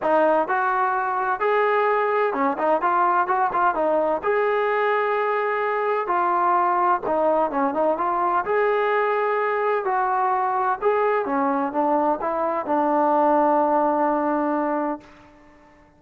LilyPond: \new Staff \with { instrumentName = "trombone" } { \time 4/4 \tempo 4 = 128 dis'4 fis'2 gis'4~ | gis'4 cis'8 dis'8 f'4 fis'8 f'8 | dis'4 gis'2.~ | gis'4 f'2 dis'4 |
cis'8 dis'8 f'4 gis'2~ | gis'4 fis'2 gis'4 | cis'4 d'4 e'4 d'4~ | d'1 | }